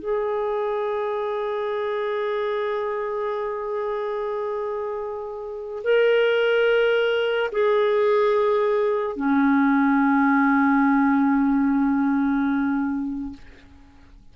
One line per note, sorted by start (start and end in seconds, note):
0.00 5.83 G#4
5.84 7.51 A#4
7.52 9.17 G#4
9.17 13.33 C#4